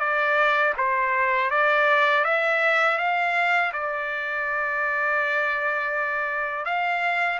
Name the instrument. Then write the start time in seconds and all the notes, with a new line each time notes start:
trumpet
0.00 D5
0.78 C5
1.51 D5
2.25 E5
2.99 F5
3.73 D5
6.66 F5